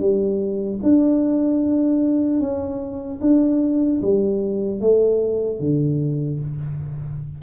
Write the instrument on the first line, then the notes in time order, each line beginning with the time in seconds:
tuba
0.00 G3
0.83 D4
2.40 C#4
3.21 D4
4.02 G3
4.81 A3
5.60 D3